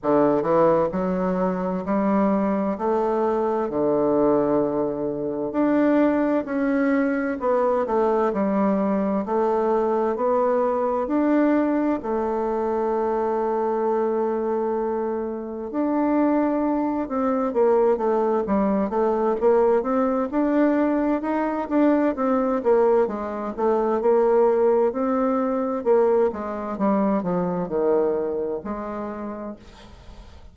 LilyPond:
\new Staff \with { instrumentName = "bassoon" } { \time 4/4 \tempo 4 = 65 d8 e8 fis4 g4 a4 | d2 d'4 cis'4 | b8 a8 g4 a4 b4 | d'4 a2.~ |
a4 d'4. c'8 ais8 a8 | g8 a8 ais8 c'8 d'4 dis'8 d'8 | c'8 ais8 gis8 a8 ais4 c'4 | ais8 gis8 g8 f8 dis4 gis4 | }